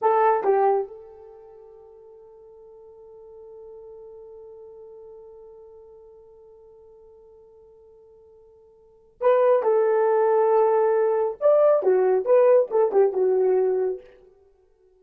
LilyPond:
\new Staff \with { instrumentName = "horn" } { \time 4/4 \tempo 4 = 137 a'4 g'4 a'2~ | a'1~ | a'1~ | a'1~ |
a'1~ | a'4 b'4 a'2~ | a'2 d''4 fis'4 | b'4 a'8 g'8 fis'2 | }